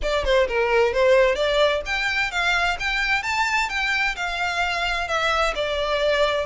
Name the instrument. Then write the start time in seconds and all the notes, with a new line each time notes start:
violin
0.02 D5
0.24 C5
0.47 A#4
0.93 C5
1.35 D5
1.85 G5
2.31 F5
2.79 G5
3.23 A5
3.69 G5
4.16 F5
5.07 E5
5.55 D5